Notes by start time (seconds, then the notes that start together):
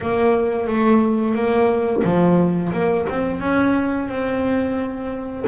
0.00 A#3
0.67 A3
1.34 A#3
2.04 F3
2.72 A#3
3.09 C4
3.40 C#4
4.08 C4